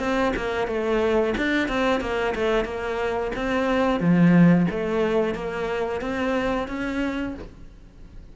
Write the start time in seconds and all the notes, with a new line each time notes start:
0.00 C4
0.37 A#3
0.68 A3
1.38 D4
1.69 C4
2.01 A#3
2.35 A3
2.65 A#3
3.36 C4
4.00 F3
4.71 A3
5.35 A#3
6.02 C4
6.68 C#4